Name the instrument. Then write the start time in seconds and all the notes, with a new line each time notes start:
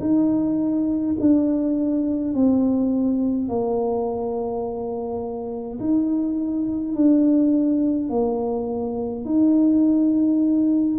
tuba
0.00 D#4
1.20 D4
2.34 C4
3.48 A#3
5.80 D#4
6.95 D4
8.09 A#3
9.25 D#4